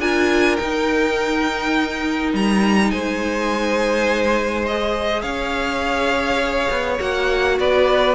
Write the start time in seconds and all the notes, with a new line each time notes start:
0.00 D4 F4 A#4 G#5
0.56 D#4 G5
2.33 G3 A#5
2.91 G#3 C5 G#5
4.66 G#4 D#5
5.22 C#4 C#5 F5
6.70 B3
6.99 A#3 F#4 F#5
7.59 B3 B4 D5